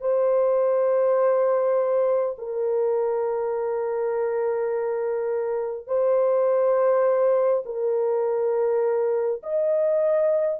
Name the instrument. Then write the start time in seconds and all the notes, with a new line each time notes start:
horn
0.00 C5
2.38 A#4
5.87 C5
7.65 A#4
9.43 D#5